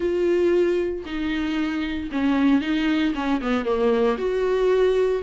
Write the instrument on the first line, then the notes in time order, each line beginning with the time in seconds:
viola
0.00 F4
1.05 D#4
2.11 C#4
2.61 D#4
3.14 C#4
3.41 B3
3.65 A#3
4.18 F#4